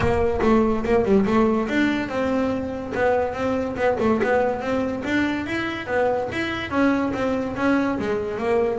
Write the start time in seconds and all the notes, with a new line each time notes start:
0.00 A#3
0.42 A3
0.84 A#3
1.04 G3
1.26 A3
1.68 D4
2.09 C4
2.94 B3
3.33 C4
3.76 B3
3.99 A3
4.23 B3
4.61 C4
5.04 D4
5.46 E4
5.86 B3
6.31 E4
6.70 C#4
7.13 C4
7.56 C#4
7.98 G#3
8.37 A#3